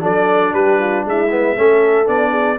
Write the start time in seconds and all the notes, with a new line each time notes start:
0.00 F#3 D4 A4 D5
0.53 G3 G4 B4
0.80 F4
1.05 G#3 E4 E5
1.31 B3
1.56 A3 C#4 A4
2.06 B3 D4 D5
2.31 G#4